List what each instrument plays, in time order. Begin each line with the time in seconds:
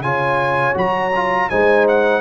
0.00 tuba C#3, trombone F4, horn C#5, trumpet G#5
0.75 tuba F#3, trombone F#4, trumpet A#5
1.15 trombone F4
1.50 tuba G#3, trombone D#4, horn C5, trumpet G#5
1.88 trumpet F#5